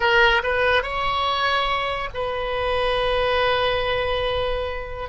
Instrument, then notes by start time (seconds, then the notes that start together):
oboe
0.00 A#4
0.43 B4
0.82 C#5
2.14 B4